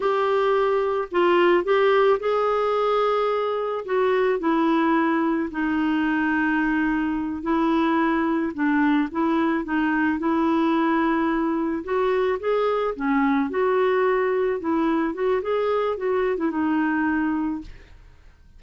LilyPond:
\new Staff \with { instrumentName = "clarinet" } { \time 4/4 \tempo 4 = 109 g'2 f'4 g'4 | gis'2. fis'4 | e'2 dis'2~ | dis'4. e'2 d'8~ |
d'8 e'4 dis'4 e'4.~ | e'4. fis'4 gis'4 cis'8~ | cis'8 fis'2 e'4 fis'8 | gis'4 fis'8. e'16 dis'2 | }